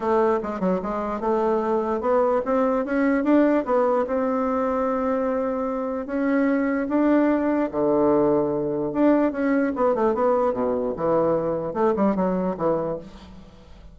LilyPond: \new Staff \with { instrumentName = "bassoon" } { \time 4/4 \tempo 4 = 148 a4 gis8 fis8 gis4 a4~ | a4 b4 c'4 cis'4 | d'4 b4 c'2~ | c'2. cis'4~ |
cis'4 d'2 d4~ | d2 d'4 cis'4 | b8 a8 b4 b,4 e4~ | e4 a8 g8 fis4 e4 | }